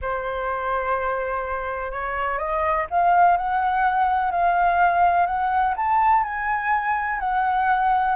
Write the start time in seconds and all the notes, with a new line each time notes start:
0.01 C5
1.91 C#5
2.38 D#5
2.90 F5
3.37 F#5
4.31 F5
5.26 F#5
5.76 A5
6.23 G#5
7.19 F#5